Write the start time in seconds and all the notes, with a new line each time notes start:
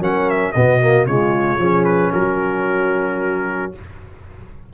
0.00 F#3 C#4 A#4 F#5
0.30 E5
0.53 B2 B3 F#4 D#5
0.81 A#3
1.06 C#3 G#3 F4 C#5
1.59 F3 C#4 G#4
1.85 B4
2.13 F#3 F#4 A#4